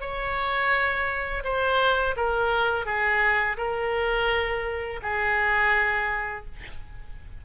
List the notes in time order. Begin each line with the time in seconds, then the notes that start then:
0.00 C#5
1.44 C5
2.16 A#4
2.85 G#4
3.57 A#4
5.02 G#4